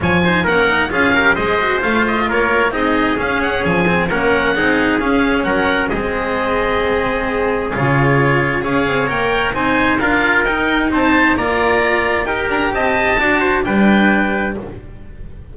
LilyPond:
<<
  \new Staff \with { instrumentName = "oboe" } { \time 4/4 \tempo 4 = 132 gis''4 fis''4 f''4 dis''4 | f''8 dis''8 cis''4 dis''4 f''8 fis''8 | gis''4 fis''2 f''4 | fis''4 dis''2.~ |
dis''4 cis''2 f''4 | g''4 gis''4 f''4 g''4 | a''4 ais''2 g''8 ais''8 | a''2 g''2 | }
  \new Staff \with { instrumentName = "trumpet" } { \time 4/4 cis''8 c''8 ais'4 gis'8 ais'8 c''4~ | c''4 ais'4 gis'2~ | gis'4 ais'4 gis'2 | ais'4 gis'2.~ |
gis'2. cis''4~ | cis''4 c''4 ais'2 | c''4 d''2 ais'4 | dis''4 d''8 c''8 b'2 | }
  \new Staff \with { instrumentName = "cello" } { \time 4/4 f'8 dis'8 cis'8 dis'8 f'8 g'8 gis'8 fis'8 | f'2 dis'4 cis'4~ | cis'8 c'8 cis'4 dis'4 cis'4~ | cis'4 c'2.~ |
c'4 f'2 gis'4 | ais'4 dis'4 f'4 dis'4~ | dis'4 f'2 g'4~ | g'4 fis'4 d'2 | }
  \new Staff \with { instrumentName = "double bass" } { \time 4/4 f4 ais4 cis'4 gis4 | a4 ais4 c'4 cis'4 | f4 ais4 c'4 cis'4 | fis4 gis2.~ |
gis4 cis2 cis'8 c'8 | ais4 c'4 d'4 dis'4 | c'4 ais2 dis'8 d'8 | c'4 d'4 g2 | }
>>